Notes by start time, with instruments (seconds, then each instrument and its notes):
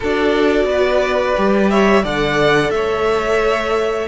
0.00 cello D4, viola F#4, violin A4 D5
0.63 cello B3
0.70 violin B4
1.36 cello G3, viola G4
1.69 violin C#5 E5
2.03 cello D3, viola A4, violin D5 F#5
2.70 cello A3, violin C#5 E5